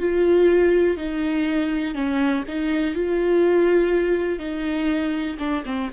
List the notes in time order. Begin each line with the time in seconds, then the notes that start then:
0.00 F4
0.97 D#4
1.95 C#4
2.48 D#4
2.95 F4
4.39 D#4
5.40 D4
5.66 C4